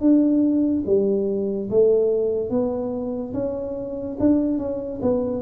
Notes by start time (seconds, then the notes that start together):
0.00 D4
0.86 G3
1.70 A3
2.50 B3
3.33 C#4
4.19 D4
4.58 C#4
5.02 B3